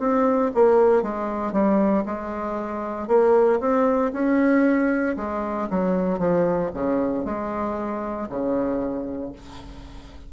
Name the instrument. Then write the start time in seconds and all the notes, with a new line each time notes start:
bassoon
0.00 C4
0.55 A#3
1.03 G#3
1.52 G3
2.06 G#3
3.08 A#3
3.60 C4
4.13 C#4
5.17 G#3
5.70 F#3
6.19 F3
6.74 C#3
7.25 G#3
8.29 C#3